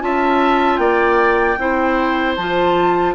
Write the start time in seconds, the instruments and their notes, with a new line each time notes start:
0.00 bassoon C#4, clarinet F4, oboe E5, flute A5
0.77 bassoon A#3, oboe D5, flute G5
1.58 bassoon C4, clarinet E4, oboe C5
2.36 bassoon F3, clarinet F4, flute A5